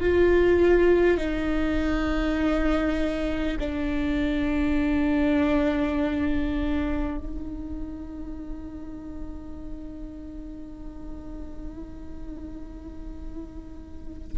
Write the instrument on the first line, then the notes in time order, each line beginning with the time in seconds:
viola
0.00 F4
1.17 D#4
3.59 D4
7.18 D#4